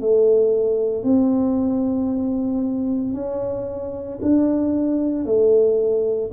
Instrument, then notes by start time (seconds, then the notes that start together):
tuba
0.00 A3
1.03 C4
3.13 C#4
4.22 D4
5.25 A3